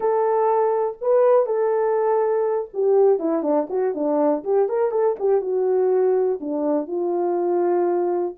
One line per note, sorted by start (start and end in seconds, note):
0.00 0.97 A4
1.01 1.46 B4
1.46 2.68 A4
2.73 3.19 G4
3.19 3.42 E4
3.42 3.67 D4
3.69 3.94 F#4
3.94 4.43 D4
4.44 4.68 G4
4.69 4.91 A#4
4.91 5.15 A4
5.19 5.41 G4
5.41 6.39 F#4
6.40 6.87 D4
6.87 8.35 F4